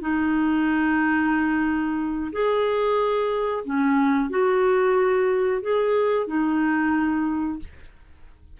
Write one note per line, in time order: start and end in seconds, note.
0.00 2.31 D#4
2.32 3.64 G#4
3.64 4.29 C#4
4.29 5.61 F#4
5.61 6.27 G#4
6.27 7.59 D#4